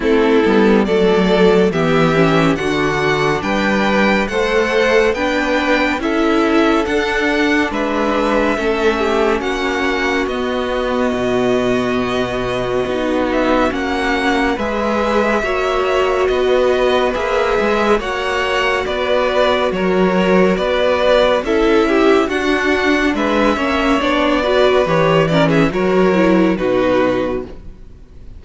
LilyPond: <<
  \new Staff \with { instrumentName = "violin" } { \time 4/4 \tempo 4 = 70 a'4 d''4 e''4 fis''4 | g''4 fis''4 g''4 e''4 | fis''4 e''2 fis''4 | dis''2.~ dis''8 e''8 |
fis''4 e''2 dis''4 | e''4 fis''4 d''4 cis''4 | d''4 e''4 fis''4 e''4 | d''4 cis''8 d''16 e''16 cis''4 b'4 | }
  \new Staff \with { instrumentName = "violin" } { \time 4/4 e'4 a'4 g'4 fis'4 | b'4 c''4 b'4 a'4~ | a'4 b'4 a'8 g'8 fis'4~ | fis'1~ |
fis'4 b'4 cis''4 b'4~ | b'4 cis''4 b'4 ais'4 | b'4 a'8 g'8 fis'4 b'8 cis''8~ | cis''8 b'4 ais'16 gis'16 ais'4 fis'4 | }
  \new Staff \with { instrumentName = "viola" } { \time 4/4 c'8 b8 a4 b8 cis'8 d'4~ | d'4 a'4 d'4 e'4 | d'2 cis'2 | b2. dis'4 |
cis'4 gis'4 fis'2 | gis'4 fis'2.~ | fis'4 e'4 d'4. cis'8 | d'8 fis'8 g'8 cis'8 fis'8 e'8 dis'4 | }
  \new Staff \with { instrumentName = "cello" } { \time 4/4 a8 g8 fis4 e4 d4 | g4 a4 b4 cis'4 | d'4 gis4 a4 ais4 | b4 b,2 b4 |
ais4 gis4 ais4 b4 | ais8 gis8 ais4 b4 fis4 | b4 cis'4 d'4 gis8 ais8 | b4 e4 fis4 b,4 | }
>>